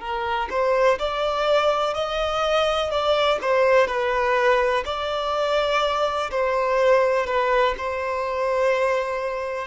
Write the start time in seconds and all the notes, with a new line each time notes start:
0.00 A#4
0.50 C5
0.99 D5
1.94 D#5
2.91 D5
3.41 C5
3.87 B4
4.86 D5
6.31 C5
7.27 B4
7.78 C5